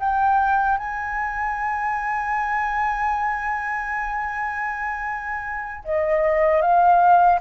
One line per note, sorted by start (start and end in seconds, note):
0.00 0.78 G5
0.78 5.84 G#5
5.84 6.62 D#5
6.62 7.40 F5